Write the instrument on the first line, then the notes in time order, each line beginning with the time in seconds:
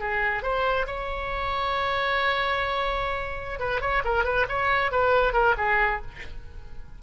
oboe
0.00 G#4
0.43 C5
0.87 C#5
3.59 B4
3.81 C#5
4.05 A#4
4.24 B4
4.49 C#5
4.92 B4
5.33 A#4
5.58 G#4